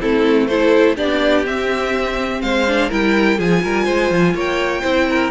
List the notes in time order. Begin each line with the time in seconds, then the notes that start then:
0.00 A3 C4 E4 A4
0.47 E4 A4 C5
0.96 B3 D4 G4 D5
1.45 C4 E5
2.41 G#3 C5 F5
2.67 D4
2.89 G3 E4 A#4 G5
3.37 F3 F4 G#4 G#5
3.63 G3 A#4
3.84 G#3 C5
4.10 F3
4.34 A#3 C#5 G5
4.81 C4 E4 C5
5.09 A#4